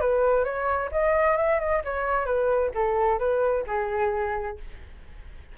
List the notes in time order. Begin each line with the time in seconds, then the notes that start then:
0.00 B4
0.44 C#5
0.91 D#5
1.37 E5
1.60 D#5
1.84 C#5
2.25 B4
2.74 A4
3.19 B4
3.67 G#4